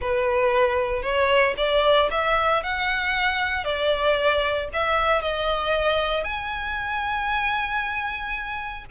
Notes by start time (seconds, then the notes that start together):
0.01 B4
1.02 C#5
1.57 D5
2.11 E5
2.63 F#5
3.64 D5
4.73 E5
5.21 D#5
6.23 G#5